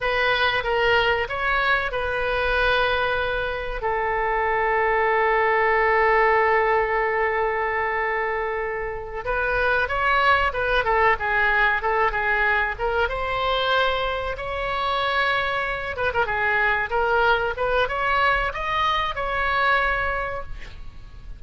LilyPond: \new Staff \with { instrumentName = "oboe" } { \time 4/4 \tempo 4 = 94 b'4 ais'4 cis''4 b'4~ | b'2 a'2~ | a'1~ | a'2~ a'8 b'4 cis''8~ |
cis''8 b'8 a'8 gis'4 a'8 gis'4 | ais'8 c''2 cis''4.~ | cis''4 b'16 ais'16 gis'4 ais'4 b'8 | cis''4 dis''4 cis''2 | }